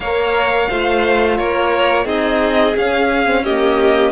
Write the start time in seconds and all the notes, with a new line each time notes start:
0.00 A#3 A#4 C#5 F5
0.69 A3 F4 C5
1.37 A#3 A#4 C#5
2.04 C4 D#4 G#4 D#5
2.76 C#4 F5
3.25 C4
3.43 A#3 G4 D#5